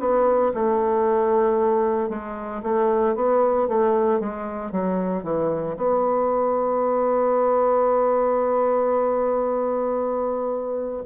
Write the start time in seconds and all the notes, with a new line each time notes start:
0.00 B3
0.55 A3
2.10 G#3
2.63 A3
3.16 B3
3.68 A3
4.21 G#3
4.72 F#3
5.23 E3
5.77 B3